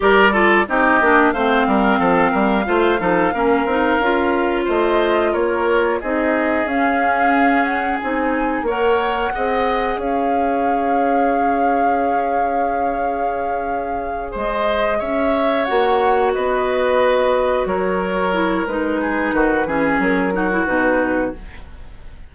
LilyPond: <<
  \new Staff \with { instrumentName = "flute" } { \time 4/4 \tempo 4 = 90 d''4 dis''4 f''2~ | f''2. dis''4 | cis''4 dis''4 f''4. fis''8 | gis''4 fis''2 f''4~ |
f''1~ | f''4. dis''4 e''4 fis''8~ | fis''8 dis''2 cis''4. | b'2 ais'4 b'4 | }
  \new Staff \with { instrumentName = "oboe" } { \time 4/4 ais'8 a'8 g'4 c''8 ais'8 a'8 ais'8 | c''8 a'8 ais'2 c''4 | ais'4 gis'2.~ | gis'4 cis''4 dis''4 cis''4~ |
cis''1~ | cis''4. c''4 cis''4.~ | cis''8 b'2 ais'4.~ | ais'8 gis'8 fis'8 gis'4 fis'4. | }
  \new Staff \with { instrumentName = "clarinet" } { \time 4/4 g'8 f'8 dis'8 d'8 c'2 | f'8 dis'8 cis'8 dis'8 f'2~ | f'4 dis'4 cis'2 | dis'4 ais'4 gis'2~ |
gis'1~ | gis'2.~ gis'8 fis'8~ | fis'2.~ fis'8 e'8 | dis'4. cis'4 dis'16 e'16 dis'4 | }
  \new Staff \with { instrumentName = "bassoon" } { \time 4/4 g4 c'8 ais8 a8 g8 f8 g8 | a8 f8 ais8 c'8 cis'4 a4 | ais4 c'4 cis'2 | c'4 ais4 c'4 cis'4~ |
cis'1~ | cis'4. gis4 cis'4 ais8~ | ais8 b2 fis4. | gis4 dis8 e8 fis4 b,4 | }
>>